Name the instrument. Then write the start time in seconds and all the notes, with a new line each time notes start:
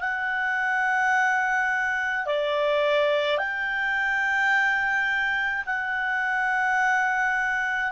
clarinet
0.00 F#5
2.26 D5
3.38 G5
5.67 F#5